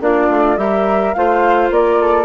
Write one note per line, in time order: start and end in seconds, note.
0.00 0.28 A#3
0.00 0.57 D4
0.00 0.58 F4
0.00 0.57 D5
0.29 0.57 A3
0.57 1.13 G3
0.57 1.13 G4
0.57 1.16 A#4
0.57 1.13 E5
1.13 1.70 A3
1.13 2.25 F4
1.13 1.74 C5
1.13 1.70 F5
1.70 2.25 A#3
1.70 2.00 A#4
1.70 2.25 D5
2.00 2.25 A4